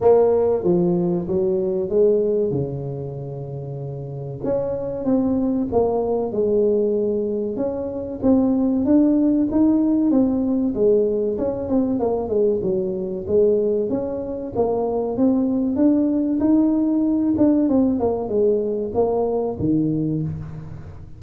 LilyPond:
\new Staff \with { instrumentName = "tuba" } { \time 4/4 \tempo 4 = 95 ais4 f4 fis4 gis4 | cis2. cis'4 | c'4 ais4 gis2 | cis'4 c'4 d'4 dis'4 |
c'4 gis4 cis'8 c'8 ais8 gis8 | fis4 gis4 cis'4 ais4 | c'4 d'4 dis'4. d'8 | c'8 ais8 gis4 ais4 dis4 | }